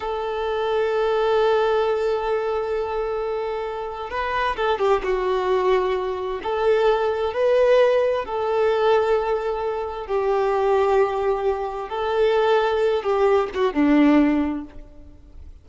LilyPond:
\new Staff \with { instrumentName = "violin" } { \time 4/4 \tempo 4 = 131 a'1~ | a'1~ | a'4 b'4 a'8 g'8 fis'4~ | fis'2 a'2 |
b'2 a'2~ | a'2 g'2~ | g'2 a'2~ | a'8 g'4 fis'8 d'2 | }